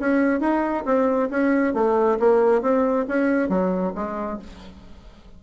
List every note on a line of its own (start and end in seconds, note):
0.00 0.40 C#4
0.40 0.84 D#4
0.86 1.30 C4
1.31 1.74 C#4
1.74 2.18 A3
2.20 2.62 A#3
2.62 3.06 C4
3.08 3.49 C#4
3.49 3.93 F#3
3.95 4.39 G#3